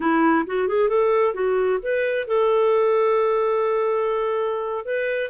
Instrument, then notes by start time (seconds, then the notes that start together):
clarinet
0.00 E4
0.46 F#4
0.68 G#4
0.88 A4
1.33 F#4
1.82 B4
2.27 A4
4.85 B4